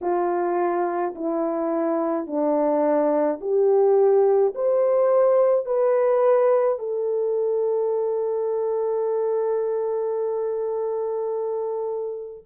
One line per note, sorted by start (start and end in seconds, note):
0.01 1.14 F4
1.15 2.26 E4
2.26 3.40 D4
3.41 4.54 G4
4.54 5.65 C5
5.65 6.78 B4
6.79 12.45 A4